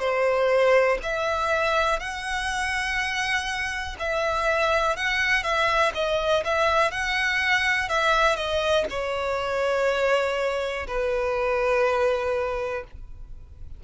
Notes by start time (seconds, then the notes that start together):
0.00 C5
1.03 E5
2.00 F#5
4.00 E5
4.97 F#5
5.43 E5
5.95 D#5
6.45 E5
6.92 F#5
7.89 E5
8.36 D#5
8.90 C#5
10.88 B4